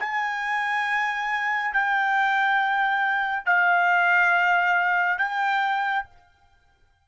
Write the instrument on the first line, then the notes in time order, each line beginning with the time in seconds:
trumpet
0.00 G#5
1.74 G5
3.46 F5
5.19 G5